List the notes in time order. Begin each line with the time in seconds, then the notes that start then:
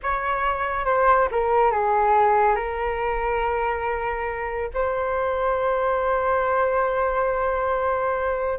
0.03 C#5
0.85 C5
1.31 A#4
1.71 G#4
2.55 A#4
4.74 C5